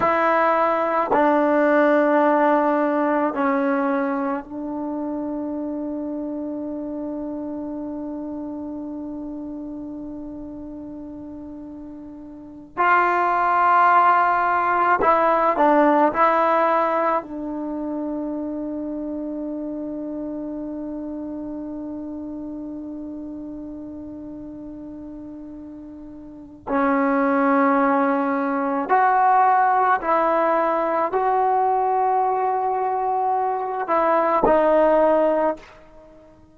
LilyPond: \new Staff \with { instrumentName = "trombone" } { \time 4/4 \tempo 4 = 54 e'4 d'2 cis'4 | d'1~ | d'2.~ d'8 f'8~ | f'4. e'8 d'8 e'4 d'8~ |
d'1~ | d'1 | cis'2 fis'4 e'4 | fis'2~ fis'8 e'8 dis'4 | }